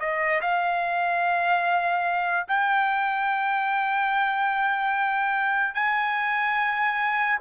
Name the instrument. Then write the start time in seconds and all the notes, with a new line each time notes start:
trumpet
0.00 D#5
0.42 F5
2.48 G5
5.75 G#5